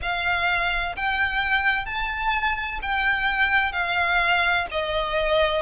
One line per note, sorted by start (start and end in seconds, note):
0.02 0.95 F5
0.96 1.85 G5
1.85 2.79 A5
2.82 3.72 G5
3.72 4.66 F5
4.71 5.62 D#5